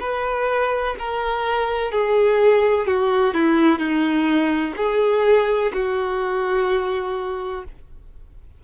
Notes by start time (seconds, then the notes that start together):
0.00 B4
0.99 A#4
1.91 G#4
2.87 F#4
3.34 E4
3.79 D#4
4.77 G#4
5.73 F#4